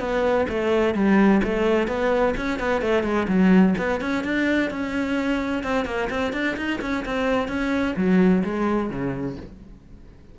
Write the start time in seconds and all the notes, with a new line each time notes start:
0.00 B3
0.49 A3
0.95 G3
1.44 A3
1.88 B3
2.37 C#4
2.60 B3
2.82 A3
3.04 G#3
3.28 F#3
3.78 B3
4.01 C#4
4.24 D4
4.71 C#4
5.64 C4
5.86 A#3
6.10 C4
6.33 D4
6.57 D#4
6.81 C#4
7.06 C4
7.48 C#4
7.97 F#3
8.45 G#3
8.90 C#3